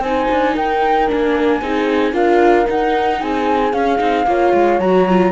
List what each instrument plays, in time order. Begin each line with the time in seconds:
0.00 cello C4, viola D#4, horn C5, flute G#5
0.32 cello D4
0.55 cello D#4, horn A#4, flute G5
1.08 cello A#3, viola D4, flute G#5
1.62 cello C4, viola D#4, horn G#4
2.13 cello D4, viola F4, horn A#4, flute F5
2.66 viola D#4, cello D#4, flute F#5
3.21 cello C4, horn G#4, flute G#5
3.74 cello C#4, viola C#4, flute F5
3.99 cello C4, viola D#4
4.27 cello A#3, viola F4, horn C#5
4.54 cello G#3
4.80 cello F#3, viola F#4, flute A#5
5.09 viola F4